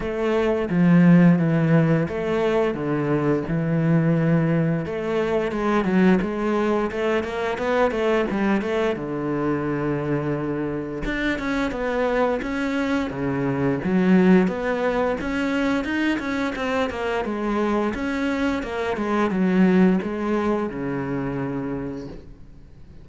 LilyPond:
\new Staff \with { instrumentName = "cello" } { \time 4/4 \tempo 4 = 87 a4 f4 e4 a4 | d4 e2 a4 | gis8 fis8 gis4 a8 ais8 b8 a8 | g8 a8 d2. |
d'8 cis'8 b4 cis'4 cis4 | fis4 b4 cis'4 dis'8 cis'8 | c'8 ais8 gis4 cis'4 ais8 gis8 | fis4 gis4 cis2 | }